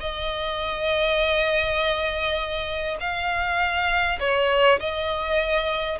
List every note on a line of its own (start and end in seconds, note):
0.00 2.97 D#5
3.00 4.19 F5
4.20 4.79 C#5
4.80 5.98 D#5